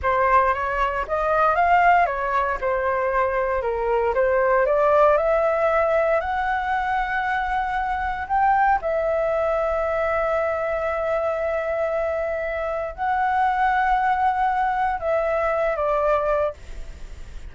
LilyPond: \new Staff \with { instrumentName = "flute" } { \time 4/4 \tempo 4 = 116 c''4 cis''4 dis''4 f''4 | cis''4 c''2 ais'4 | c''4 d''4 e''2 | fis''1 |
g''4 e''2.~ | e''1~ | e''4 fis''2.~ | fis''4 e''4. d''4. | }